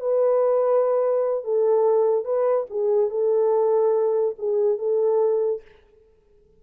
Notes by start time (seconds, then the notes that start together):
0.00 B4
1.44 A4
2.25 B4
2.70 G#4
3.10 A4
4.38 G#4
4.79 A4